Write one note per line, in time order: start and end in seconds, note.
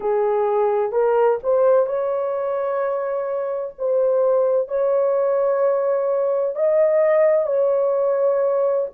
0.00 0.92 G#4
0.92 1.38 A#4
1.43 1.86 C5
1.86 3.74 C#5
3.78 4.67 C5
4.67 6.55 C#5
6.55 7.46 D#5
7.46 8.87 C#5